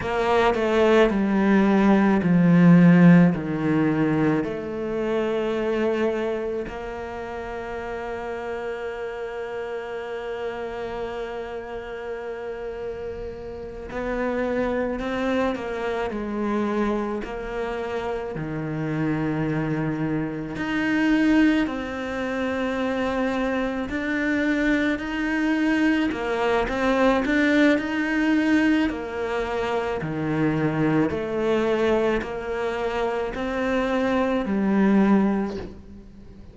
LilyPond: \new Staff \with { instrumentName = "cello" } { \time 4/4 \tempo 4 = 54 ais8 a8 g4 f4 dis4 | a2 ais2~ | ais1~ | ais8 b4 c'8 ais8 gis4 ais8~ |
ais8 dis2 dis'4 c'8~ | c'4. d'4 dis'4 ais8 | c'8 d'8 dis'4 ais4 dis4 | a4 ais4 c'4 g4 | }